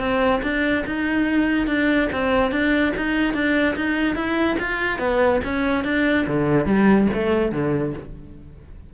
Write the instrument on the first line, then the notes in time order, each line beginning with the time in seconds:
cello
0.00 C4
0.43 D4
0.87 D#4
1.67 D4
2.13 C4
2.52 D4
2.97 D#4
3.34 D4
3.76 D#4
4.16 E4
4.60 F4
4.99 B3
5.45 C#4
5.85 D4
6.28 D3
6.66 G3
7.14 A3
7.52 D3